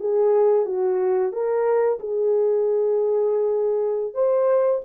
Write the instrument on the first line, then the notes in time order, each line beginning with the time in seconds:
horn
0.00 G#4
0.65 F#4
1.32 A#4
1.99 G#4
4.14 C5